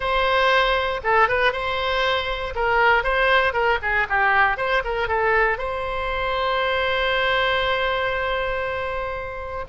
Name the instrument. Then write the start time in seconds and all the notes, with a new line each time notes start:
oboe
0.00 C5
1.03 A4
1.28 B4
1.52 C5
2.55 A#4
3.03 C5
3.53 A#4
3.81 G#4
4.09 G4
4.57 C5
4.84 A#4
5.08 A4
5.58 C5